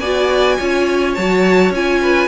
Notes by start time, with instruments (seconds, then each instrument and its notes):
0.00 cello B3, viola F#4, violin D5 G#5
0.58 cello C#4, viola F4, violin C#5
1.15 cello F#3, viola F#4, violin A5
1.70 cello C#4, viola F4, violin G#5
2.02 violin B4